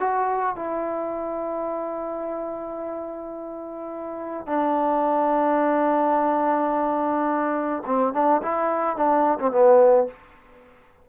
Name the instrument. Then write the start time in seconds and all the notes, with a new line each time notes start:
trombone
0.00 F#4
0.56 E4
4.47 D4
7.86 C4
8.14 D4
8.42 E4
8.97 D4
9.40 C4
9.52 B3